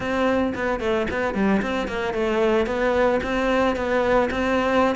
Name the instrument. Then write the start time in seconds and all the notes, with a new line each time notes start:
cello
0.00 C4
0.55 B3
0.80 A3
1.10 B3
1.34 G3
1.62 C4
1.87 A#3
2.13 A3
2.66 B3
3.23 C4
3.76 B3
4.31 C4